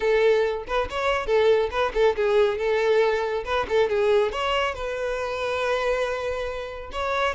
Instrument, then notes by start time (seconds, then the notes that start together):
violin
0.00 A4
0.67 B4
0.90 C#5
1.26 A4
1.71 B4
1.93 A4
2.15 G#4
2.57 A4
3.45 B4
3.68 A4
3.89 G#4
4.32 C#5
4.74 B4
6.92 C#5